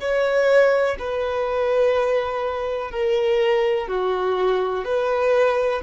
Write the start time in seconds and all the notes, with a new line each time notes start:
0.00 C#5
0.99 B4
2.91 A#4
3.88 F#4
4.84 B4